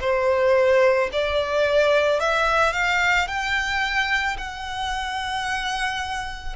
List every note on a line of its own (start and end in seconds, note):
0.00 1.09 C5
1.12 2.19 D5
2.19 2.73 E5
2.73 3.27 F5
3.27 4.36 G5
4.37 6.56 F#5